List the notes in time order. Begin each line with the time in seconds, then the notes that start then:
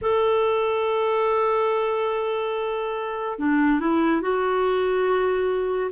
0.01 A4
3.38 D4
3.80 E4
4.21 F#4